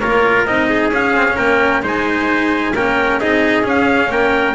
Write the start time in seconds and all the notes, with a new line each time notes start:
0.00 A#3 F4 A#4 C#5
0.46 C4 D#4 D#5
0.70 G#4
0.90 C#4 F5
1.17 C4
1.28 C#4
1.36 A#3 A#4 G5
1.82 G#3 D#4 C5 G#5
2.75 A#3 C#4 A#4 G5
3.20 C4 D#4 G#4 D#5
3.63 C#4 F5
4.09 A#3 A#4 G5